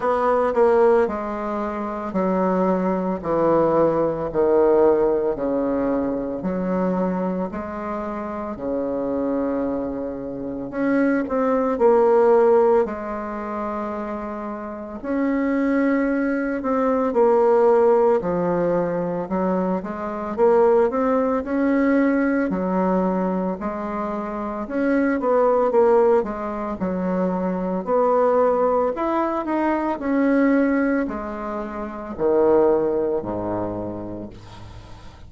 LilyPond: \new Staff \with { instrumentName = "bassoon" } { \time 4/4 \tempo 4 = 56 b8 ais8 gis4 fis4 e4 | dis4 cis4 fis4 gis4 | cis2 cis'8 c'8 ais4 | gis2 cis'4. c'8 |
ais4 f4 fis8 gis8 ais8 c'8 | cis'4 fis4 gis4 cis'8 b8 | ais8 gis8 fis4 b4 e'8 dis'8 | cis'4 gis4 dis4 gis,4 | }